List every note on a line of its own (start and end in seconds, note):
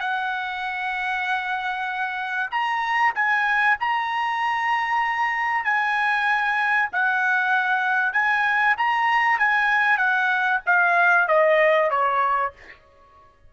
0.00 2.50 F#5
2.51 3.13 A#5
3.15 3.77 G#5
3.80 5.64 A#5
5.64 6.89 G#5
6.93 8.13 F#5
8.13 8.76 G#5
8.78 9.39 A#5
9.39 9.98 G#5
9.98 10.61 F#5
10.66 11.28 F5
11.28 11.90 D#5
11.90 12.53 C#5